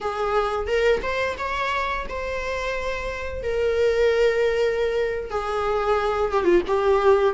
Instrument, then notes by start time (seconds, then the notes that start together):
viola
0.00 G#4
0.67 A#4
1.02 C5
1.38 C#5
2.08 C5
3.42 A#4
5.30 G#4
6.32 G4
6.44 F4
6.67 G4